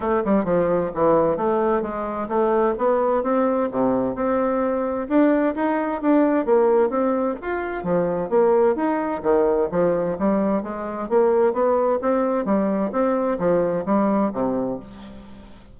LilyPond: \new Staff \with { instrumentName = "bassoon" } { \time 4/4 \tempo 4 = 130 a8 g8 f4 e4 a4 | gis4 a4 b4 c'4 | c4 c'2 d'4 | dis'4 d'4 ais4 c'4 |
f'4 f4 ais4 dis'4 | dis4 f4 g4 gis4 | ais4 b4 c'4 g4 | c'4 f4 g4 c4 | }